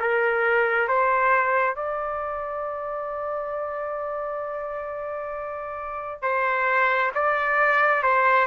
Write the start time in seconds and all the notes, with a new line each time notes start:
0.00 A#4
0.88 C5
1.76 D5
6.22 C5
7.15 D5
8.03 C5